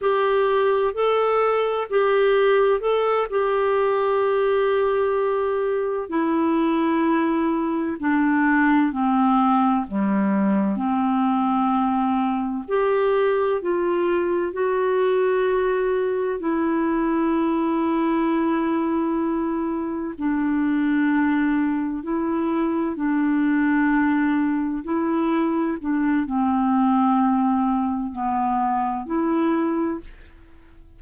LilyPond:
\new Staff \with { instrumentName = "clarinet" } { \time 4/4 \tempo 4 = 64 g'4 a'4 g'4 a'8 g'8~ | g'2~ g'8 e'4.~ | e'8 d'4 c'4 g4 c'8~ | c'4. g'4 f'4 fis'8~ |
fis'4. e'2~ e'8~ | e'4. d'2 e'8~ | e'8 d'2 e'4 d'8 | c'2 b4 e'4 | }